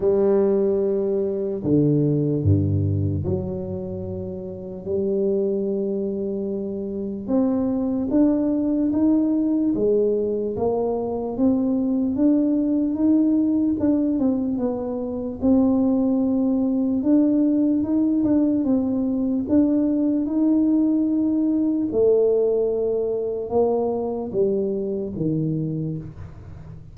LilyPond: \new Staff \with { instrumentName = "tuba" } { \time 4/4 \tempo 4 = 74 g2 d4 g,4 | fis2 g2~ | g4 c'4 d'4 dis'4 | gis4 ais4 c'4 d'4 |
dis'4 d'8 c'8 b4 c'4~ | c'4 d'4 dis'8 d'8 c'4 | d'4 dis'2 a4~ | a4 ais4 g4 dis4 | }